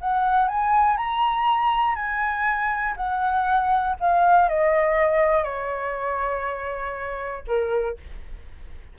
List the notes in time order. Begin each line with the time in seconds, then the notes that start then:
0.00 F#5
0.48 G#5
0.97 A#5
1.95 G#5
2.96 F#5
4.00 F5
4.49 D#5
5.43 C#5
7.47 A#4